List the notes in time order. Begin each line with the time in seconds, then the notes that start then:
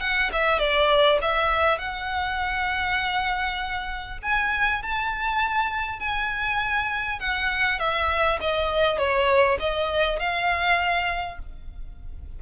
0.00 F#5
0.32 E5
0.58 D5
1.21 E5
1.78 F#5
4.22 G#5
4.82 A5
5.99 G#5
7.19 F#5
7.79 E5
8.40 D#5
8.98 C#5
9.59 D#5
10.19 F5